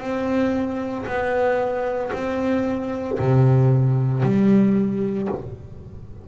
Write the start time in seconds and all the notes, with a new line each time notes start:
0.00 C4
1.06 B3
2.13 C4
3.19 C3
4.22 G3